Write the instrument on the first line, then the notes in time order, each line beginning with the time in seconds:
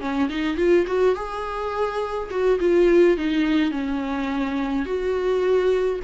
viola
0.00 C#4
0.29 D#4
0.57 F4
0.86 F#4
1.15 G#4
2.30 F#4
2.60 F4
3.17 D#4
3.71 C#4
4.85 F#4